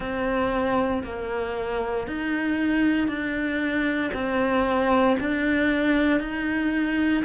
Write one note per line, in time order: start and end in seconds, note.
0.00 1.03 C4
1.03 2.07 A#3
2.07 3.08 D#4
3.08 4.11 D4
4.13 5.17 C4
5.20 6.20 D4
6.20 7.23 D#4